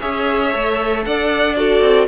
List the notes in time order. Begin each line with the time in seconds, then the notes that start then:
0.00 C#4 G#4 C#5 E5
0.52 A3 A4
1.05 D4 D5 F#5
1.55 F#4 A4 D5
1.81 C4